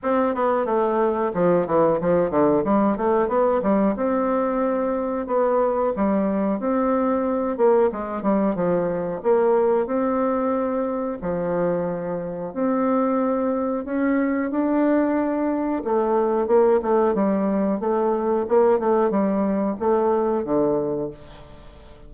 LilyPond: \new Staff \with { instrumentName = "bassoon" } { \time 4/4 \tempo 4 = 91 c'8 b8 a4 f8 e8 f8 d8 | g8 a8 b8 g8 c'2 | b4 g4 c'4. ais8 | gis8 g8 f4 ais4 c'4~ |
c'4 f2 c'4~ | c'4 cis'4 d'2 | a4 ais8 a8 g4 a4 | ais8 a8 g4 a4 d4 | }